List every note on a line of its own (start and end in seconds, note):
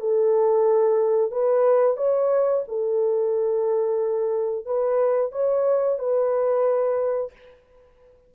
0.00 1.31 A4
1.31 1.97 B4
1.97 2.63 C#5
2.68 4.65 A4
4.65 5.32 B4
5.32 5.98 C#5
5.98 7.32 B4